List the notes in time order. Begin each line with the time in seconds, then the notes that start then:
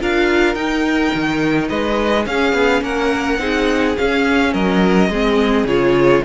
0.00 D4 F4 A#4 F5
0.54 D#4 G5
1.14 D#3
1.68 G#3 B4 D#5
2.25 C#4 G#4 F5
2.52 B3
2.81 A#3 A#4 F#5
3.38 C4 D#4 G#4
3.97 C#4 F5
4.53 F#3 A#4 D#5
5.08 G#3 C4 G#4
5.64 C#3 F4 C#5